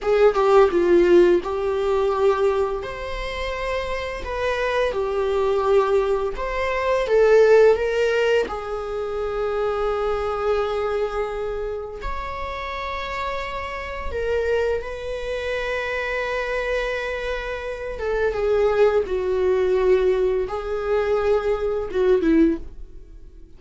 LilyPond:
\new Staff \with { instrumentName = "viola" } { \time 4/4 \tempo 4 = 85 gis'8 g'8 f'4 g'2 | c''2 b'4 g'4~ | g'4 c''4 a'4 ais'4 | gis'1~ |
gis'4 cis''2. | ais'4 b'2.~ | b'4. a'8 gis'4 fis'4~ | fis'4 gis'2 fis'8 e'8 | }